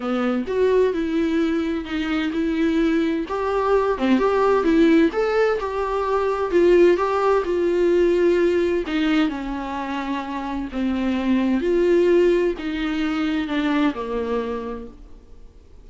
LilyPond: \new Staff \with { instrumentName = "viola" } { \time 4/4 \tempo 4 = 129 b4 fis'4 e'2 | dis'4 e'2 g'4~ | g'8 c'8 g'4 e'4 a'4 | g'2 f'4 g'4 |
f'2. dis'4 | cis'2. c'4~ | c'4 f'2 dis'4~ | dis'4 d'4 ais2 | }